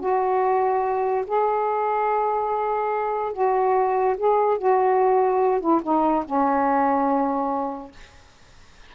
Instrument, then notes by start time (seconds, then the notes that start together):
saxophone
0.00 F#4
1.27 G#4
3.33 F#4
4.17 G#4
4.58 F#4
5.61 E4
5.83 D#4
6.25 C#4